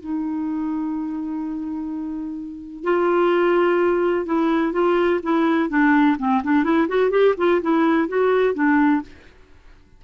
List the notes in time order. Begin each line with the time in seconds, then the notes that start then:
0.00 D#4
2.84 F4
4.26 E4
4.73 F4
5.23 E4
5.69 D4
6.19 C4
6.44 D4
6.64 E4
6.88 F#4
7.11 G4
7.38 F4
7.62 E4
8.08 F#4
8.54 D4